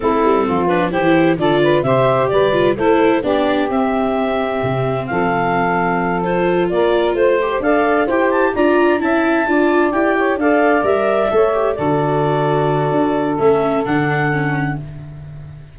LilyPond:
<<
  \new Staff \with { instrumentName = "clarinet" } { \time 4/4 \tempo 4 = 130 a'4. b'8 c''4 d''4 | e''4 d''4 c''4 d''4 | e''2. f''4~ | f''4. c''4 d''4 c''8~ |
c''8 f''4 g''8 a''8 ais''4 a''8~ | a''4. g''4 f''4 e''8~ | e''4. d''2~ d''8~ | d''4 e''4 fis''2 | }
  \new Staff \with { instrumentName = "saxophone" } { \time 4/4 e'4 f'4 g'4 a'8 b'8 | c''4 b'4 a'4 g'4~ | g'2. a'4~ | a'2~ a'8 ais'4 c''8~ |
c''8 d''4 c''4 d''4 e''8~ | e''8 d''4. cis''8 d''4.~ | d''8 cis''4 a'2~ a'8~ | a'1 | }
  \new Staff \with { instrumentName = "viola" } { \time 4/4 c'4. d'8 e'4 f'4 | g'4. f'8 e'4 d'4 | c'1~ | c'4. f'2~ f'8 |
g'8 a'4 g'4 f'4 e'8~ | e'8 f'4 g'4 a'4 ais'8~ | ais'8 a'8 g'8 fis'2~ fis'8~ | fis'4 cis'4 d'4 cis'4 | }
  \new Staff \with { instrumentName = "tuba" } { \time 4/4 a8 g8 f4 e4 d4 | c4 g4 a4 b4 | c'2 c4 f4~ | f2~ f8 ais4 a8~ |
a8 d'4 e'4 d'4 cis'8~ | cis'8 d'4 e'4 d'4 g8~ | g8 a4 d2~ d8 | d'4 a4 d2 | }
>>